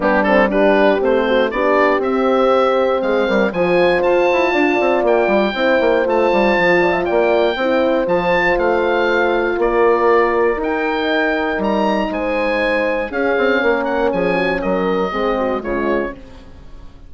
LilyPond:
<<
  \new Staff \with { instrumentName = "oboe" } { \time 4/4 \tempo 4 = 119 g'8 a'8 b'4 c''4 d''4 | e''2 f''4 gis''4 | a''2 g''2 | a''2 g''2 |
a''4 f''2 d''4~ | d''4 g''2 ais''4 | gis''2 f''4. fis''8 | gis''4 dis''2 cis''4 | }
  \new Staff \with { instrumentName = "horn" } { \time 4/4 d'4 g'4. fis'8 g'4~ | g'2 gis'8 ais'8 c''4~ | c''4 d''2 c''4~ | c''4. d''16 e''16 d''4 c''4~ |
c''2. ais'4~ | ais'1 | c''2 gis'4 ais'4 | gis'8 fis'8 ais'4 gis'8 fis'8 f'4 | }
  \new Staff \with { instrumentName = "horn" } { \time 4/4 b8 c'8 d'4 c'4 d'4 | c'2. f'4~ | f'2. e'4 | f'2. e'4 |
f'1~ | f'4 dis'2.~ | dis'2 cis'2~ | cis'2 c'4 gis4 | }
  \new Staff \with { instrumentName = "bassoon" } { \time 4/4 g2 a4 b4 | c'2 gis8 g8 f4 | f'8 e'8 d'8 c'8 ais8 g8 c'8 ais8 | a8 g8 f4 ais4 c'4 |
f4 a2 ais4~ | ais4 dis'2 g4 | gis2 cis'8 c'8 ais4 | f4 fis4 gis4 cis4 | }
>>